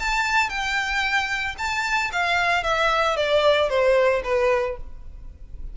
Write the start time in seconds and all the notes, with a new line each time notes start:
0.00 A5
0.49 G5
1.58 A5
2.13 F5
2.64 E5
3.17 D5
3.69 C5
4.24 B4